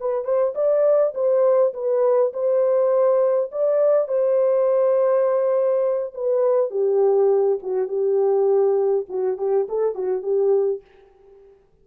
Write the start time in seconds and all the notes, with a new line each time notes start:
0.00 B4
0.24 C5
0.55 D5
1.14 C5
1.74 B4
2.33 C5
3.52 D5
4.08 C5
6.14 B4
6.71 G4
7.63 F#4
7.88 G4
9.09 F#4
9.38 G4
9.69 A4
9.95 F#4
10.22 G4